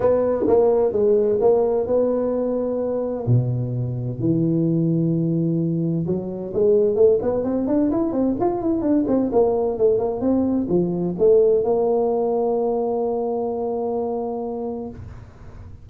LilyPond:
\new Staff \with { instrumentName = "tuba" } { \time 4/4 \tempo 4 = 129 b4 ais4 gis4 ais4 | b2. b,4~ | b,4 e2.~ | e4 fis4 gis4 a8 b8 |
c'8 d'8 e'8 c'8 f'8 e'8 d'8 c'8 | ais4 a8 ais8 c'4 f4 | a4 ais2.~ | ais1 | }